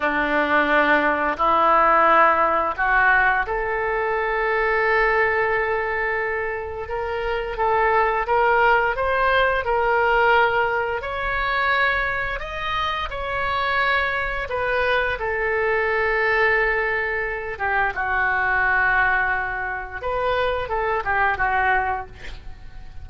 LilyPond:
\new Staff \with { instrumentName = "oboe" } { \time 4/4 \tempo 4 = 87 d'2 e'2 | fis'4 a'2.~ | a'2 ais'4 a'4 | ais'4 c''4 ais'2 |
cis''2 dis''4 cis''4~ | cis''4 b'4 a'2~ | a'4. g'8 fis'2~ | fis'4 b'4 a'8 g'8 fis'4 | }